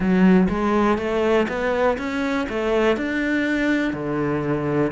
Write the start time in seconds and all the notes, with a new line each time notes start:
0.00 F#3
0.48 G#3
0.98 A3
1.48 B3
1.97 C#4
2.49 A3
2.96 D4
3.93 D3